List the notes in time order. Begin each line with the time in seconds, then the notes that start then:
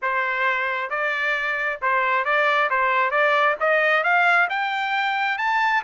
0.02 C5
0.90 D5
1.81 C5
2.24 D5
2.70 C5
3.11 D5
3.59 D#5
4.03 F5
4.49 G5
5.38 A5